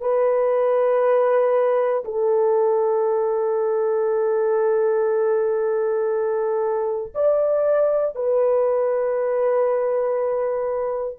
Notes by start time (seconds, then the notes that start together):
0.00 B4
2.04 A4
7.14 D5
8.15 B4